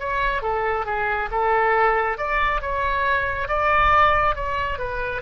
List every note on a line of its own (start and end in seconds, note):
0.00 0.43 C#5
0.43 0.86 A4
0.86 1.30 G#4
1.32 2.18 A4
2.18 2.61 D5
2.62 3.49 C#5
3.49 4.36 D5
4.36 4.79 C#5
4.79 5.22 B4